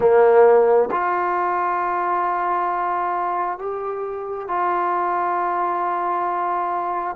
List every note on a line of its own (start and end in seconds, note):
0.00 0.89 A#3
0.91 3.58 F4
3.58 4.48 G4
4.48 7.16 F4